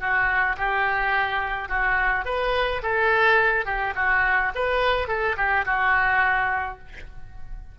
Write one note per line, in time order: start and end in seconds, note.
0.00 0.57 F#4
0.58 1.69 G4
1.69 2.26 F#4
2.26 2.82 B4
2.83 3.66 A4
3.66 3.94 G4
3.96 4.53 F#4
4.56 5.08 B4
5.08 5.36 A4
5.37 5.66 G4
5.66 6.79 F#4